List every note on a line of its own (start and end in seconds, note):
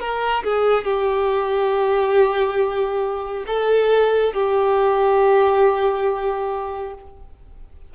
0.00 0.43 A#4
0.44 0.84 G#4
0.84 3.45 G4
3.47 4.34 A4
4.34 6.94 G4